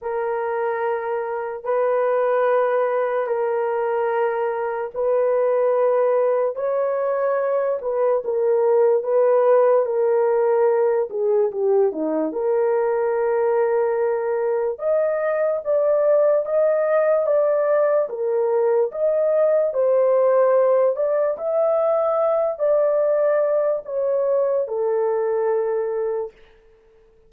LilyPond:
\new Staff \with { instrumentName = "horn" } { \time 4/4 \tempo 4 = 73 ais'2 b'2 | ais'2 b'2 | cis''4. b'8 ais'4 b'4 | ais'4. gis'8 g'8 dis'8 ais'4~ |
ais'2 dis''4 d''4 | dis''4 d''4 ais'4 dis''4 | c''4. d''8 e''4. d''8~ | d''4 cis''4 a'2 | }